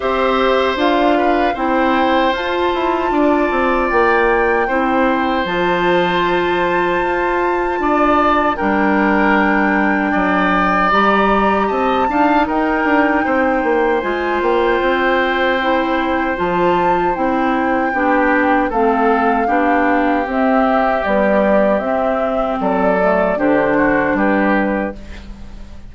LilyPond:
<<
  \new Staff \with { instrumentName = "flute" } { \time 4/4 \tempo 4 = 77 e''4 f''4 g''4 a''4~ | a''4 g''2 a''4~ | a''2. g''4~ | g''2 ais''4 a''4 |
g''2 gis''8 g''4.~ | g''4 a''4 g''2 | f''2 e''4 d''4 | e''4 d''4 c''4 b'4 | }
  \new Staff \with { instrumentName = "oboe" } { \time 4/4 c''4. b'8 c''2 | d''2 c''2~ | c''2 d''4 ais'4~ | ais'4 d''2 dis''8 f''8 |
ais'4 c''2.~ | c''2. g'4 | a'4 g'2.~ | g'4 a'4 g'8 fis'8 g'4 | }
  \new Staff \with { instrumentName = "clarinet" } { \time 4/4 g'4 f'4 e'4 f'4~ | f'2 e'4 f'4~ | f'2. d'4~ | d'2 g'4. dis'8~ |
dis'2 f'2 | e'4 f'4 e'4 d'4 | c'4 d'4 c'4 g4 | c'4. a8 d'2 | }
  \new Staff \with { instrumentName = "bassoon" } { \time 4/4 c'4 d'4 c'4 f'8 e'8 | d'8 c'8 ais4 c'4 f4~ | f4 f'4 d'4 g4~ | g4 fis4 g4 c'8 d'8 |
dis'8 d'8 c'8 ais8 gis8 ais8 c'4~ | c'4 f4 c'4 b4 | a4 b4 c'4 b4 | c'4 fis4 d4 g4 | }
>>